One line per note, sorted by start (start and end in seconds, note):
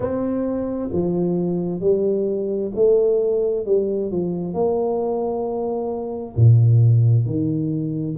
0.00 0.89 C4
0.92 1.80 F3
1.80 2.71 G3
2.74 3.65 A3
3.65 4.11 G3
4.11 4.53 F3
4.53 6.35 A#3
6.36 7.26 A#2
7.26 8.17 D#3